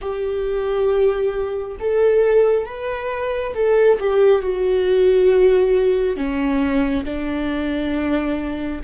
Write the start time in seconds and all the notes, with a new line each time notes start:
0.01 G4
1.79 A4
2.65 B4
3.54 A4
3.99 G4
4.42 F#4
6.16 C#4
7.04 D4